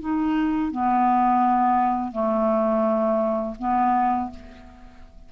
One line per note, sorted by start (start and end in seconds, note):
0.00 0.71 D#4
0.71 2.12 B3
2.12 3.55 A3
3.58 4.30 B3